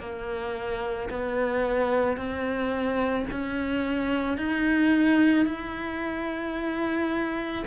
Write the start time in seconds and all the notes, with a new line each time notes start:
0.00 A#3
1.10 B3
2.17 C4
3.31 C#4
4.38 D#4
5.46 E4